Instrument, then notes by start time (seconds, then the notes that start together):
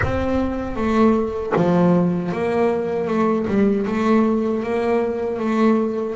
double bass
0.02 C4
0.76 A3
1.56 F3
2.31 A#3
3.07 A3
3.47 G3
3.86 A3
4.63 A#3
5.39 A3